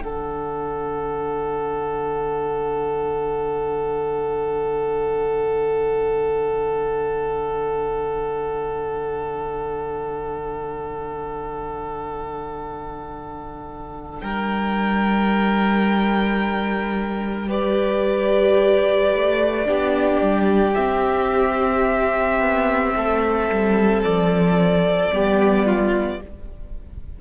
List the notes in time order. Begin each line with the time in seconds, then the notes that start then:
0.00 D3 D4 A4 F#5
14.21 G3 A#4 G5
17.48 G4 B4 D5
19.15 A3
19.65 B3 D4 G4
20.21 G3
20.75 C4 E5
22.40 B3
22.96 A3 A4
23.50 G3
24.04 F3 D5
25.11 G3 B3 G4
25.66 F4